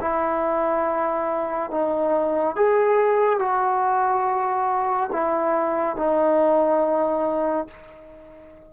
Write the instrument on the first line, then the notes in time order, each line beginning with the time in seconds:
trombone
0.00 E4
1.70 D#4
2.55 G#4
3.39 F#4
5.12 E4
5.96 D#4